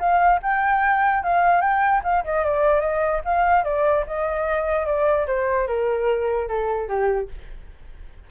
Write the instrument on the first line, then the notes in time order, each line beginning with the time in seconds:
flute
0.00 F5
0.43 G5
1.23 F5
1.61 G5
2.04 F5
2.25 D#5
2.45 D5
2.81 D#5
3.25 F5
3.64 D5
4.07 D#5
4.86 D5
5.27 C5
5.68 A#4
6.48 A4
6.89 G4